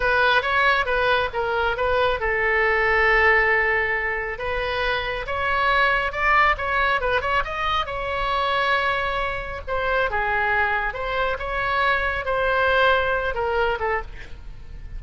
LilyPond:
\new Staff \with { instrumentName = "oboe" } { \time 4/4 \tempo 4 = 137 b'4 cis''4 b'4 ais'4 | b'4 a'2.~ | a'2 b'2 | cis''2 d''4 cis''4 |
b'8 cis''8 dis''4 cis''2~ | cis''2 c''4 gis'4~ | gis'4 c''4 cis''2 | c''2~ c''8 ais'4 a'8 | }